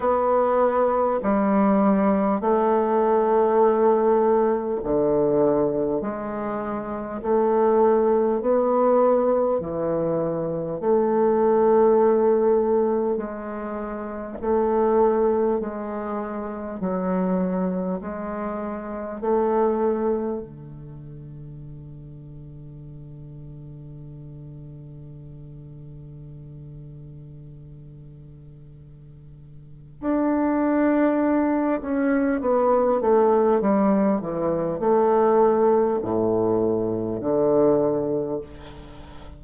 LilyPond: \new Staff \with { instrumentName = "bassoon" } { \time 4/4 \tempo 4 = 50 b4 g4 a2 | d4 gis4 a4 b4 | e4 a2 gis4 | a4 gis4 fis4 gis4 |
a4 d2.~ | d1~ | d4 d'4. cis'8 b8 a8 | g8 e8 a4 a,4 d4 | }